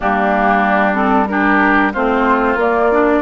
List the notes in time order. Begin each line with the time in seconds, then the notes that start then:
0.00 G3 A#3 D4 G4
0.93 C4 A4
1.27 D4 G4 A#4
1.92 A3 C4 F4 C5
2.55 A#3 D5
2.91 D4